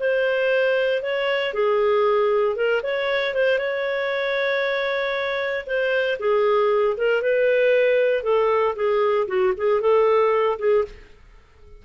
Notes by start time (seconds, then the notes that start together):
0.00 C5
1.03 C#5
1.54 G#4
2.57 A#4
2.84 C#5
3.35 C5
3.59 C#5
5.67 C5
6.20 G#4
6.98 A#4
7.23 B4
8.24 A4
8.76 G#4
9.28 F#4
9.58 G#4
9.81 A4
10.59 G#4